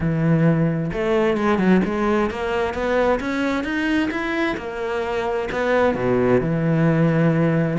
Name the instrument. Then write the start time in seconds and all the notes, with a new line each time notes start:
cello
0.00 E3
0.92 A3
1.37 G#3
1.58 F#3
1.84 G#3
2.30 A#3
2.74 B3
3.19 C#4
3.63 D#4
4.10 E4
4.57 A#3
5.51 B3
5.95 B2
6.40 E3